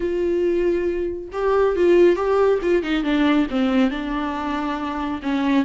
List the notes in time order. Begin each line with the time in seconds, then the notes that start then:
0.00 F4
1.32 G4
1.75 F4
2.15 G4
2.61 F4
2.82 D#4
3.03 D4
3.50 C4
3.90 D4
5.22 C#4